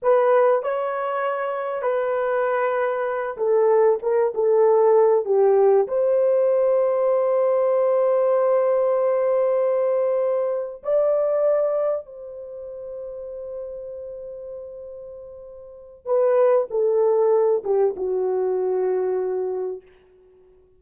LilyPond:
\new Staff \with { instrumentName = "horn" } { \time 4/4 \tempo 4 = 97 b'4 cis''2 b'4~ | b'4. a'4 ais'8 a'4~ | a'8 g'4 c''2~ c''8~ | c''1~ |
c''4. d''2 c''8~ | c''1~ | c''2 b'4 a'4~ | a'8 g'8 fis'2. | }